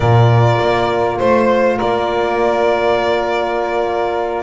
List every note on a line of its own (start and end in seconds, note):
0.00 0.59 A#2
0.00 4.42 F4
0.00 1.18 A#4
0.00 1.18 D5
0.60 1.19 A#3
1.18 1.79 A3
1.18 1.76 C5
1.18 1.78 C5
1.76 4.42 A#3
1.76 4.42 A#4
1.76 4.42 D5